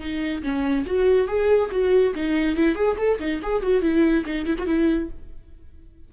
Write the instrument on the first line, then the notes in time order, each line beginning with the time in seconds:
viola
0.00 D#4
0.43 C#4
0.86 F#4
1.27 G#4
1.71 F#4
2.15 D#4
2.56 E4
2.75 G#4
2.97 A4
3.19 D#4
3.42 G#4
3.62 F#4
3.82 E4
4.26 D#4
4.45 E4
4.58 F#4
4.67 E4